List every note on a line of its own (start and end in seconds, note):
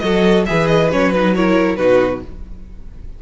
0.00 0.47 F#3
0.00 0.47 F#4
0.00 0.48 A4
0.00 0.44 D#5
0.46 0.93 E3
0.46 0.91 G#4
0.46 1.36 B4
0.46 0.68 E5
0.68 0.90 D#5
0.91 1.79 F#3
0.91 1.13 C#4
0.91 1.12 C#5
1.12 1.36 D#4
1.12 1.35 B4
1.35 1.78 E4
1.35 1.79 A#4
1.35 1.77 C#5
1.77 2.23 B2
1.77 2.22 D#4
1.77 2.23 F#4
1.77 2.21 B4